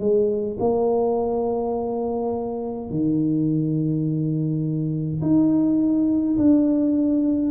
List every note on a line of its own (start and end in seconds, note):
0.00 0.58 G#3
0.60 2.90 A#3
2.90 5.21 D#3
5.22 6.37 D#4
6.38 7.52 D4